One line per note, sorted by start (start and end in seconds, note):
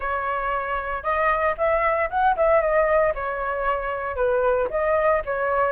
0.00 1.03 C#5
1.03 1.55 D#5
1.57 2.09 E5
2.10 2.36 F#5
2.36 2.61 E5
2.61 3.13 D#5
3.14 4.15 C#5
4.15 4.68 B4
4.70 5.22 D#5
5.25 5.72 C#5